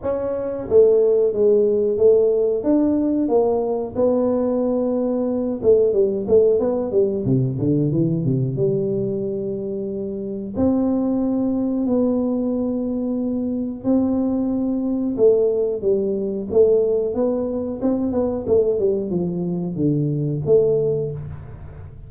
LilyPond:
\new Staff \with { instrumentName = "tuba" } { \time 4/4 \tempo 4 = 91 cis'4 a4 gis4 a4 | d'4 ais4 b2~ | b8 a8 g8 a8 b8 g8 c8 d8 | e8 c8 g2. |
c'2 b2~ | b4 c'2 a4 | g4 a4 b4 c'8 b8 | a8 g8 f4 d4 a4 | }